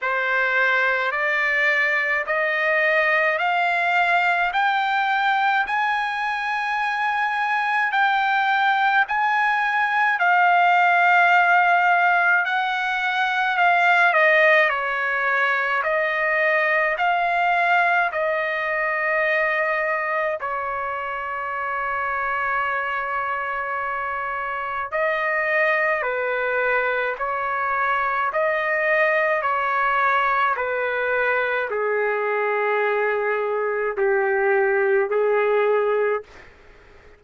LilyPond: \new Staff \with { instrumentName = "trumpet" } { \time 4/4 \tempo 4 = 53 c''4 d''4 dis''4 f''4 | g''4 gis''2 g''4 | gis''4 f''2 fis''4 | f''8 dis''8 cis''4 dis''4 f''4 |
dis''2 cis''2~ | cis''2 dis''4 b'4 | cis''4 dis''4 cis''4 b'4 | gis'2 g'4 gis'4 | }